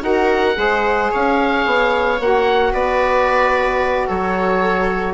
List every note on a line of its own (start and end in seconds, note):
0.00 0.55 D#4
0.00 0.54 F#4
0.00 0.58 A#4
0.00 1.11 F#5
0.54 1.11 G#3
0.54 2.17 G#4
0.54 1.11 C5
1.11 1.65 C#4
1.11 2.72 C#5
1.11 2.21 F5
1.65 2.19 B3
2.19 2.73 A#3
2.19 5.14 F#4
2.19 2.73 F#5
2.72 4.08 B3
2.72 4.07 B4
2.72 4.08 D5
4.07 5.14 F#3
4.07 5.14 A4
4.07 5.14 C#5